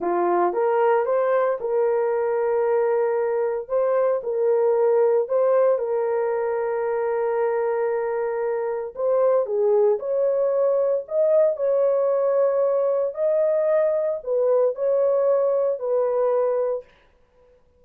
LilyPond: \new Staff \with { instrumentName = "horn" } { \time 4/4 \tempo 4 = 114 f'4 ais'4 c''4 ais'4~ | ais'2. c''4 | ais'2 c''4 ais'4~ | ais'1~ |
ais'4 c''4 gis'4 cis''4~ | cis''4 dis''4 cis''2~ | cis''4 dis''2 b'4 | cis''2 b'2 | }